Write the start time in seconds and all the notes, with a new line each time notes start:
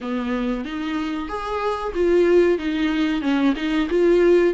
0.01 B3
0.65 D#4
1.28 G#4
1.94 F4
2.58 D#4
3.21 C#4
3.56 D#4
3.89 F4